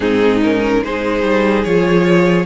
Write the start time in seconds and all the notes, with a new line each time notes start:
0.00 G#2 C4 D#4 G#4
0.42 C#4 A#4
0.83 G#3 D#4 G#4 C5
1.22 G3
1.64 F3 F4 C#5